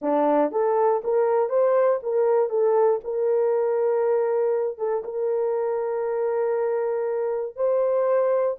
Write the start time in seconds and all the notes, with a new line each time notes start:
0.01 D4
0.51 A4
1.04 A#4
1.49 C5
2.02 A#4
2.49 A4
3.04 A#4
4.78 A4
5.04 A#4
7.55 C5